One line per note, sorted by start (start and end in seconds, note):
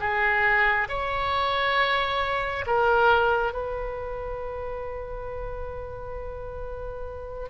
0.00 0.88 G#4
0.89 2.65 C#5
2.67 3.53 A#4
3.53 7.50 B4